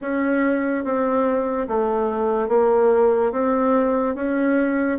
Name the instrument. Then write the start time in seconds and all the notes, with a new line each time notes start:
bassoon
0.01 C#4
0.84 C4
1.67 A3
2.48 A#3
3.31 C4
4.15 C#4